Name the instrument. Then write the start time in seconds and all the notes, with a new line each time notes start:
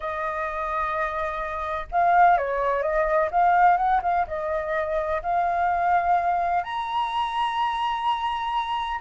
flute
0.00 D#5
1.91 F5
2.37 C#5
2.82 D#5
3.31 F5
3.77 F#5
4.02 F5
4.27 D#5
5.22 F5
6.63 A#5